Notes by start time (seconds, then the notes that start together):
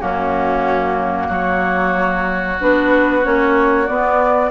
0.00 F#2 A#3 C#4 F#4
1.28 F#3 F#4 C#5
2.60 B3 D4 B4
3.22 A#3 C#4 C#5
3.87 B3 D5